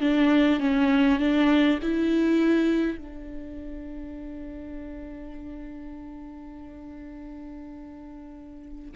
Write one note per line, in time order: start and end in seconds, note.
0.00 0.59 D4
0.60 1.19 C#4
1.19 1.78 D4
1.82 2.98 E4
2.98 8.92 D4